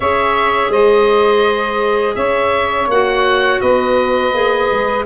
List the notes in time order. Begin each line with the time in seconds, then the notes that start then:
0.00 C#4 G#4 C#5 E5
0.69 G#3 C5 D#5
2.15 C#4 C#5 E5
2.87 A#3 F#4 F#5
3.60 B3 B4 D#5
4.33 A#3 G#4
4.72 G#3